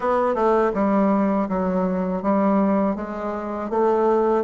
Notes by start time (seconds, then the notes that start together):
0.00 B3
0.34 A3
0.74 G3
1.48 F#3
2.22 G3
2.95 G#3
3.70 A3